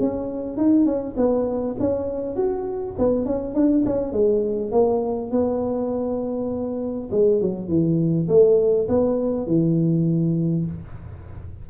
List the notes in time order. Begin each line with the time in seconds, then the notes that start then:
0.00 C#4
0.57 D#4
0.86 C#4
1.17 B3
1.80 C#4
2.36 F#4
2.99 B3
3.25 C#4
3.55 D4
3.86 C#4
4.12 G#3
4.72 A#3
5.31 B3
7.11 G#3
7.41 F#3
7.68 E3
8.28 A3
8.88 B3
9.47 E3